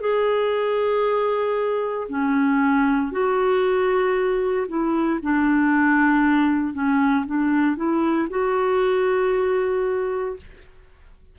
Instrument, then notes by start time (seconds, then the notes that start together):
clarinet
0.00 G#4
2.09 C#4
3.11 F#4
4.67 E4
5.22 D4
6.73 C#4
7.26 D4
7.76 E4
8.29 F#4